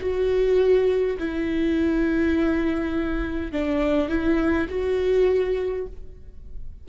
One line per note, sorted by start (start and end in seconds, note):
0.00 1.18 F#4
1.18 3.52 E4
3.52 4.09 D4
4.09 4.68 E4
4.69 5.87 F#4